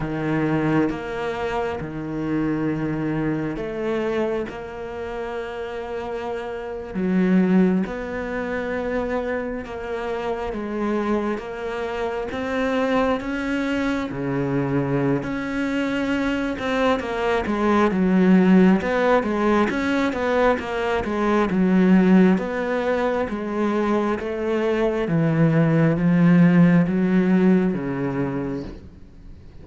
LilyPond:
\new Staff \with { instrumentName = "cello" } { \time 4/4 \tempo 4 = 67 dis4 ais4 dis2 | a4 ais2~ ais8. fis16~ | fis8. b2 ais4 gis16~ | gis8. ais4 c'4 cis'4 cis16~ |
cis4 cis'4. c'8 ais8 gis8 | fis4 b8 gis8 cis'8 b8 ais8 gis8 | fis4 b4 gis4 a4 | e4 f4 fis4 cis4 | }